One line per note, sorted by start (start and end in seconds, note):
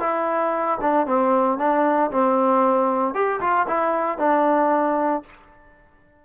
0.00 0.78 E4
0.81 1.07 D4
1.07 1.59 C4
1.59 2.11 D4
2.11 3.14 C4
3.14 3.41 G4
3.41 3.67 F4
3.68 4.19 E4
4.19 5.23 D4